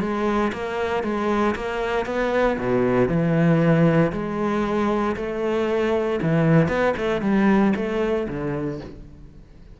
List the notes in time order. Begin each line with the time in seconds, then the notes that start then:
0.00 G#3
0.52 A#3
1.03 G#3
1.55 A#3
2.06 B3
2.58 B2
3.08 E3
4.12 G#3
5.16 A3
6.22 E3
6.68 B3
6.97 A3
7.21 G3
7.75 A3
8.28 D3